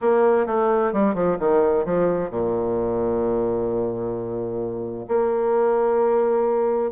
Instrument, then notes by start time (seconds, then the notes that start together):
bassoon
0.01 A#3
0.46 A3
0.92 G3
1.14 F3
1.39 D#3
1.85 F3
2.30 A#2
5.08 A#3